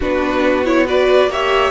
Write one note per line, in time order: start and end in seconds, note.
0.00 1.27 B3
0.00 0.64 D4
0.00 0.86 F#4
0.00 0.65 B4
0.64 0.85 E4
0.64 0.86 C#5
0.85 1.29 F#4
0.85 1.29 B4
0.85 1.31 D5
1.27 1.70 A#3
1.27 1.71 G4
1.27 1.71 C#5
1.27 1.71 E5